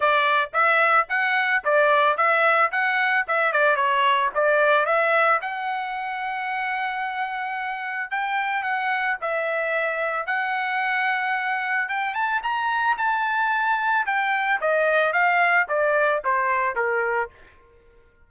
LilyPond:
\new Staff \with { instrumentName = "trumpet" } { \time 4/4 \tempo 4 = 111 d''4 e''4 fis''4 d''4 | e''4 fis''4 e''8 d''8 cis''4 | d''4 e''4 fis''2~ | fis''2. g''4 |
fis''4 e''2 fis''4~ | fis''2 g''8 a''8 ais''4 | a''2 g''4 dis''4 | f''4 d''4 c''4 ais'4 | }